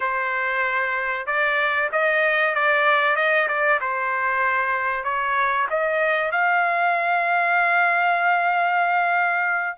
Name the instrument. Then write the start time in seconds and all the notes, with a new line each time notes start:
trumpet
0.00 C5
1.26 D5
1.91 D#5
2.54 D5
3.16 D#5
3.48 D5
3.81 C5
5.04 C#5
5.70 D#5
6.31 F5